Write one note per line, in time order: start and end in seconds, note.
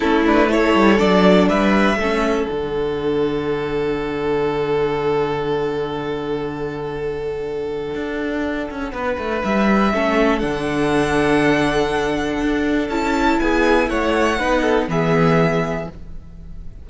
0.00 0.74 A3
0.00 0.26 C#4
0.00 0.49 E4
0.00 0.23 A4
0.26 0.48 D4
0.26 0.51 B4
0.48 0.97 E4
0.48 1.48 A4
0.48 0.98 C#5
0.74 0.99 G3
0.97 1.49 F#3
0.97 1.97 D4
0.97 1.47 D5
1.48 1.95 G3
1.48 1.98 B4
1.48 2.47 E5
1.95 2.45 A3
1.95 2.48 C#4
1.95 8.93 A4
2.47 7.94 D3
2.47 9.92 D4
2.47 9.41 F#5
7.94 8.69 D4
8.70 8.92 C#4
8.92 9.17 B3
8.92 9.93 B4
9.18 9.43 A3
9.44 9.93 G3
9.44 10.39 E5
9.93 10.42 A3
9.93 10.40 C#4
9.93 13.41 A4
10.39 12.41 D3
10.39 12.88 D4
10.39 12.87 F#5
12.42 12.89 D4
12.89 13.38 C#4
12.89 14.38 E4
12.89 13.39 A5
13.39 13.90 B3
13.39 13.89 G#4
13.39 13.89 G#5
13.89 14.39 A3
13.89 14.39 C#5
13.89 14.88 F#5
14.38 14.88 B3
14.38 14.88 D#4
14.38 14.61 B4
14.61 14.86 A4
14.88 15.87 E3
14.88 15.87 B3
14.88 15.89 G#4
14.88 15.89 E5